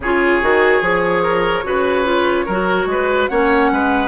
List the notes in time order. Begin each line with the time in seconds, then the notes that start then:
0.00 C#3 F4 G#4 C#5
0.41 D#3 F#4
0.81 F3 G#4
1.22 A#4
1.63 C#3 F#4 B4
2.04 F4
2.45 F#3 F#4 A#4
2.86 G#3 B4
3.28 A#3 C#4 C#5 F#5
3.71 G#3 B4